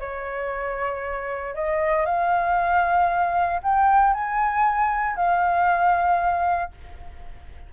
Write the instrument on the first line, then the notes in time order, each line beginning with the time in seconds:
flute
0.00 C#5
1.55 D#5
2.06 F5
3.63 G5
4.13 G#5
5.16 F5